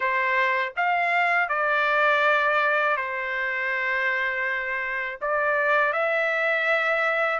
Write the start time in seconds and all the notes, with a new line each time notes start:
0.00 C5
0.76 F5
1.48 D5
2.96 C5
5.21 D5
5.92 E5